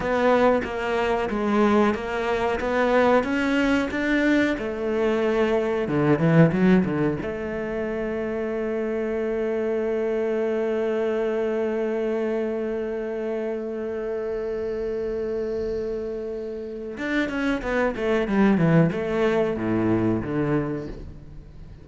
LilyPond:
\new Staff \with { instrumentName = "cello" } { \time 4/4 \tempo 4 = 92 b4 ais4 gis4 ais4 | b4 cis'4 d'4 a4~ | a4 d8 e8 fis8 d8 a4~ | a1~ |
a1~ | a1~ | a2 d'8 cis'8 b8 a8 | g8 e8 a4 a,4 d4 | }